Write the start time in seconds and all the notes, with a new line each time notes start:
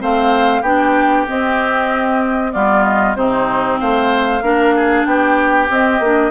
0.00 A3 C4 C5 F5
0.62 B3 D4 G4 G5
1.28 C4 D#5
2.53 G3 B3 F4 D5
2.84 D#5
3.16 C3 C4 D#4 C5
3.80 A3 C5 F5
4.42 A#3 D4 A#4
4.76 G#4
5.06 B3 G4 G5
5.70 C4 D#5
6.00 A#3 D4